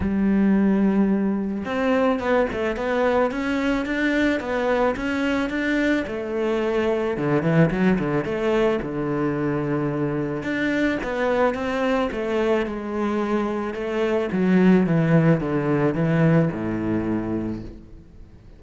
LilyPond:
\new Staff \with { instrumentName = "cello" } { \time 4/4 \tempo 4 = 109 g2. c'4 | b8 a8 b4 cis'4 d'4 | b4 cis'4 d'4 a4~ | a4 d8 e8 fis8 d8 a4 |
d2. d'4 | b4 c'4 a4 gis4~ | gis4 a4 fis4 e4 | d4 e4 a,2 | }